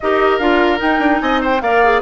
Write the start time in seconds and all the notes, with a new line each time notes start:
0.00 D#4 G4 A#4 D#5
0.38 D4 F4 F5
0.77 D#4 G5
0.99 D4
1.20 C4 D#5 G#5
1.41 C5 G5
1.61 A#3 A#4 D5 F5
1.84 G#4